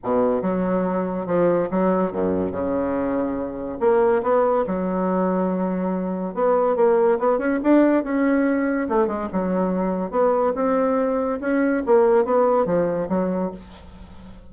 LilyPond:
\new Staff \with { instrumentName = "bassoon" } { \time 4/4 \tempo 4 = 142 b,4 fis2 f4 | fis4 fis,4 cis2~ | cis4 ais4 b4 fis4~ | fis2. b4 |
ais4 b8 cis'8 d'4 cis'4~ | cis'4 a8 gis8 fis2 | b4 c'2 cis'4 | ais4 b4 f4 fis4 | }